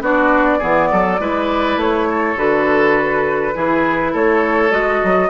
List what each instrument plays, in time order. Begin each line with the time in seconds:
0.00 bassoon B3, clarinet D4, oboe F#4, flute D5
0.58 bassoon E3, clarinet B3, oboe G#4
0.91 bassoon F#3, oboe A4
1.19 bassoon G#3, clarinet E4, oboe B4
1.76 bassoon A3, flute C#5
2.09 oboe A4
2.36 bassoon D3, clarinet F#4, flute B4
3.54 bassoon E3, clarinet E4, oboe G#4
4.12 bassoon A3, oboe A4, flute C#5
4.70 bassoon G#3, clarinet F#4, flute D#5
5.04 bassoon F#3